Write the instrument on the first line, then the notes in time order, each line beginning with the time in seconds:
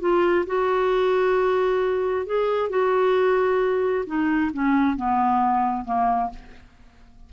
clarinet
0.00 F4
0.46 F#4
2.26 G#4
2.69 F#4
4.06 D#4
4.53 C#4
4.96 B3
5.84 A#3